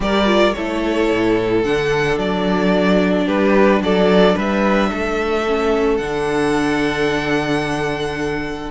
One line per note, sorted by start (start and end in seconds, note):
0.00 0.53 G3
0.00 0.26 G4
0.00 0.55 A#4
0.00 0.53 D5
0.26 0.53 F4
0.53 1.11 A3
0.53 1.63 E4
0.53 3.25 A4
0.53 1.62 C#5
1.11 1.64 A2
1.63 2.17 D3
1.63 5.45 D4
1.63 2.18 F#5
2.17 3.26 F#3
2.17 3.27 D5
3.25 3.81 G3
3.25 3.80 G4
3.25 3.81 B4
3.81 4.35 F#3
3.81 4.35 A4
3.81 4.37 D5
4.35 4.91 G3
4.35 4.89 B4
4.35 5.97 E5
4.90 5.99 A3
4.90 8.70 A4
5.46 6.00 C#4
5.97 8.70 D3
5.97 8.70 D4
5.97 8.70 F#5